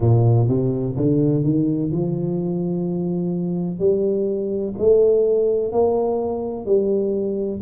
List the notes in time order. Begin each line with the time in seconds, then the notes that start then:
0.00 A#2
0.48 C3
0.96 D3
1.44 D#3
1.91 F3
3.79 G3
4.77 A3
5.71 A#3
6.65 G3